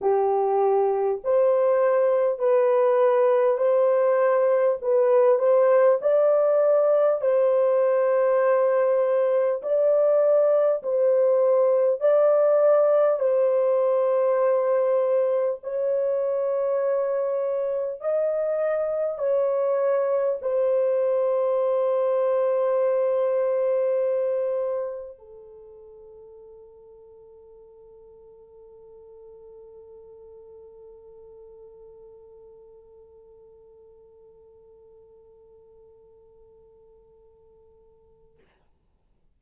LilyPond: \new Staff \with { instrumentName = "horn" } { \time 4/4 \tempo 4 = 50 g'4 c''4 b'4 c''4 | b'8 c''8 d''4 c''2 | d''4 c''4 d''4 c''4~ | c''4 cis''2 dis''4 |
cis''4 c''2.~ | c''4 a'2.~ | a'1~ | a'1 | }